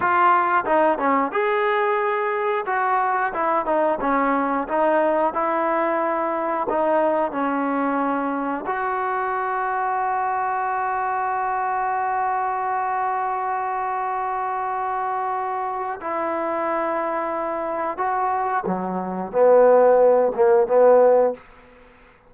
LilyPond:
\new Staff \with { instrumentName = "trombone" } { \time 4/4 \tempo 4 = 90 f'4 dis'8 cis'8 gis'2 | fis'4 e'8 dis'8 cis'4 dis'4 | e'2 dis'4 cis'4~ | cis'4 fis'2.~ |
fis'1~ | fis'1 | e'2. fis'4 | fis4 b4. ais8 b4 | }